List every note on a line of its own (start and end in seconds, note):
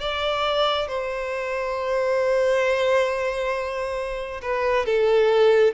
0.00 0.88 D5
0.88 4.41 C5
4.42 4.85 B4
4.85 5.74 A4